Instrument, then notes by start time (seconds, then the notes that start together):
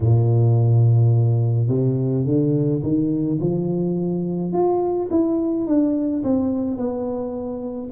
tuba
0.00 A#2
1.68 C3
2.25 D3
2.83 D#3
3.40 F3
4.52 F4
5.10 E4
5.66 D4
6.23 C4
6.77 B3